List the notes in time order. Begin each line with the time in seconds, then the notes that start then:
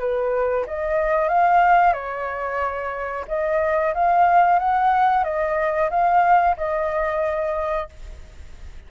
0.00 B4
0.67 D#5
1.29 F5
1.93 C#5
3.28 D#5
3.95 F5
4.59 F#5
5.24 D#5
5.91 F5
6.58 D#5